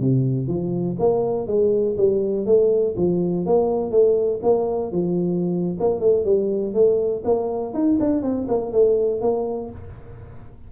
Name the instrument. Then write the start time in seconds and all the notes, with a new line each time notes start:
tuba
0.00 C3
0.47 F3
0.99 A#3
1.47 G#3
1.98 G3
2.46 A3
2.97 F3
3.46 A#3
3.91 A3
4.43 A#3
4.92 F3
5.80 A#3
6.00 A3
6.25 G3
6.74 A3
7.25 A#3
7.74 D#4
8.00 D4
8.22 C4
8.48 A#3
8.73 A3
9.21 A#3